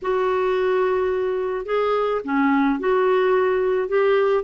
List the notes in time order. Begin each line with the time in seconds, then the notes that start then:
0.02 F#4
1.65 G#4
2.24 C#4
2.79 F#4
3.88 G4